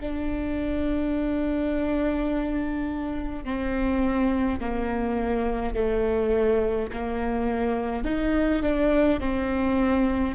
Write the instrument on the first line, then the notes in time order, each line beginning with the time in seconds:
viola
0.00 D4
3.45 C4
4.60 A#3
5.75 A3
6.93 A#3
8.05 D#4
8.63 D4
9.20 C4